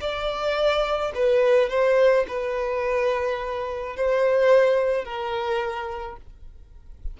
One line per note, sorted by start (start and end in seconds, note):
0.00 1.12 D5
1.15 1.69 B4
1.69 2.26 C5
2.28 3.96 B4
3.96 5.04 C5
5.04 6.17 A#4